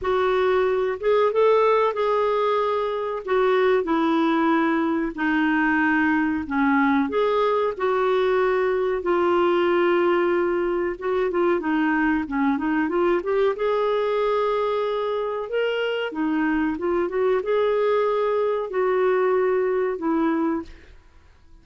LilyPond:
\new Staff \with { instrumentName = "clarinet" } { \time 4/4 \tempo 4 = 93 fis'4. gis'8 a'4 gis'4~ | gis'4 fis'4 e'2 | dis'2 cis'4 gis'4 | fis'2 f'2~ |
f'4 fis'8 f'8 dis'4 cis'8 dis'8 | f'8 g'8 gis'2. | ais'4 dis'4 f'8 fis'8 gis'4~ | gis'4 fis'2 e'4 | }